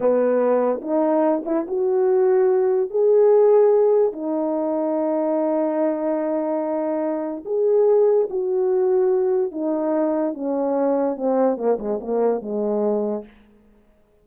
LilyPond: \new Staff \with { instrumentName = "horn" } { \time 4/4 \tempo 4 = 145 b2 dis'4. e'8 | fis'2. gis'4~ | gis'2 dis'2~ | dis'1~ |
dis'2 gis'2 | fis'2. dis'4~ | dis'4 cis'2 c'4 | ais8 gis8 ais4 gis2 | }